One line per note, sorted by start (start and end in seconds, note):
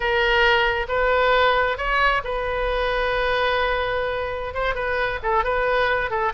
0.00 0.86 A#4
0.88 1.77 B4
1.77 2.21 C#5
2.24 4.53 B4
4.53 4.75 C5
4.75 5.19 B4
5.23 5.44 A4
5.44 6.10 B4
6.10 6.32 A4